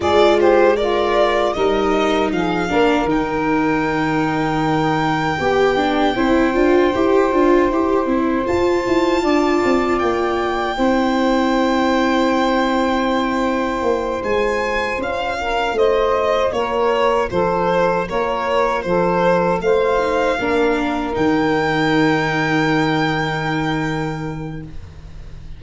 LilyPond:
<<
  \new Staff \with { instrumentName = "violin" } { \time 4/4 \tempo 4 = 78 d''8 c''8 d''4 dis''4 f''4 | g''1~ | g''2. a''4~ | a''4 g''2.~ |
g''2~ g''8 gis''4 f''8~ | f''8 dis''4 cis''4 c''4 cis''8~ | cis''8 c''4 f''2 g''8~ | g''1 | }
  \new Staff \with { instrumentName = "saxophone" } { \time 4/4 gis'8 g'8 f'4 ais'4 gis'8 ais'8~ | ais'2. g'4 | c''1 | d''2 c''2~ |
c''1 | ais'8 c''4 ais'4 a'4 ais'8~ | ais'8 a'4 c''4 ais'4.~ | ais'1 | }
  \new Staff \with { instrumentName = "viola" } { \time 4/4 f'4 ais'4 dis'4. d'8 | dis'2. g'8 d'8 | e'8 f'8 g'8 f'8 g'8 e'8 f'4~ | f'2 e'2~ |
e'2~ e'8 f'4.~ | f'1~ | f'2 dis'8 d'4 dis'8~ | dis'1 | }
  \new Staff \with { instrumentName = "tuba" } { \time 4/4 gis2 g4 f8 ais8 | dis2. b4 | c'8 d'8 e'8 d'8 e'8 c'8 f'8 e'8 | d'8 c'8 ais4 c'2~ |
c'2 ais8 gis4 cis'8~ | cis'8 a4 ais4 f4 ais8~ | ais8 f4 a4 ais4 dis8~ | dis1 | }
>>